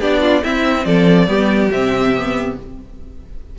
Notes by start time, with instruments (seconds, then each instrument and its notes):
0.00 cello B3, viola D4, violin G4 D5
0.21 violin F4
0.43 viola C4, cello C4, violin E4 E5
0.85 cello F3, violin A4 D5
1.27 cello G3, viola B3, violin G4
1.70 cello C3, viola C4, violin E5
2.15 viola B3